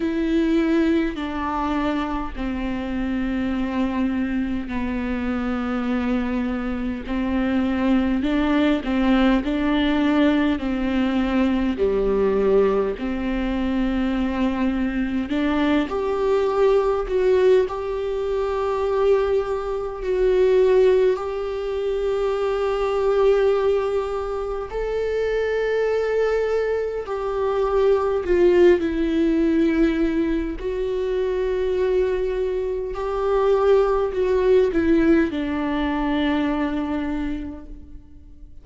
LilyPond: \new Staff \with { instrumentName = "viola" } { \time 4/4 \tempo 4 = 51 e'4 d'4 c'2 | b2 c'4 d'8 c'8 | d'4 c'4 g4 c'4~ | c'4 d'8 g'4 fis'8 g'4~ |
g'4 fis'4 g'2~ | g'4 a'2 g'4 | f'8 e'4. fis'2 | g'4 fis'8 e'8 d'2 | }